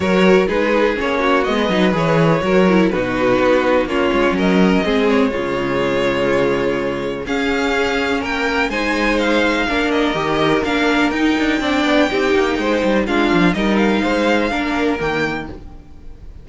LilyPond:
<<
  \new Staff \with { instrumentName = "violin" } { \time 4/4 \tempo 4 = 124 cis''4 b'4 cis''4 dis''4 | cis''2 b'2 | cis''4 dis''4. cis''4.~ | cis''2. f''4~ |
f''4 g''4 gis''4 f''4~ | f''8 dis''4. f''4 g''4~ | g''2. f''4 | dis''8 f''2~ f''8 g''4 | }
  \new Staff \with { instrumentName = "violin" } { \time 4/4 ais'4 gis'4. fis'8. b'8.~ | b'4 ais'4 fis'2 | f'4 ais'4 gis'4 f'4~ | f'2. gis'4~ |
gis'4 ais'4 c''2 | ais'1 | d''4 g'4 c''4 f'4 | ais'4 c''4 ais'2 | }
  \new Staff \with { instrumentName = "viola" } { \time 4/4 fis'4 dis'4 cis'4 b8 dis'8 | gis'4 fis'8 e'8 dis'2 | cis'2 c'4 gis4~ | gis2. cis'4~ |
cis'2 dis'2 | d'4 g'4 d'4 dis'4 | d'4 dis'2 d'4 | dis'2 d'4 ais4 | }
  \new Staff \with { instrumentName = "cello" } { \time 4/4 fis4 gis4 ais4 gis8 fis8 | e4 fis4 b,4 b4 | ais8 gis8 fis4 gis4 cis4~ | cis2. cis'4~ |
cis'4 ais4 gis2 | ais4 dis4 ais4 dis'8 d'8 | c'8 b8 c'8 ais8 gis8 g8 gis8 f8 | g4 gis4 ais4 dis4 | }
>>